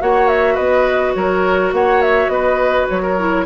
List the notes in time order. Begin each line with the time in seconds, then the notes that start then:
0.00 A#3 F#4 C#5 F#5
0.28 E5
0.54 B3 B4 D#5
1.14 F#3 A#4 C#5
1.72 A#3 C#5 F#5
2.02 E5
2.28 B3 B4 D#5
2.89 F#3 C#5
3.02 A#4
3.18 E4